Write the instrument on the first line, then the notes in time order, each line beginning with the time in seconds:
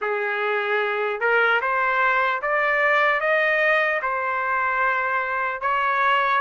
trumpet
0.01 G#4
1.20 A#4
1.61 C5
2.41 D5
3.20 D#5
4.02 C5
5.61 C#5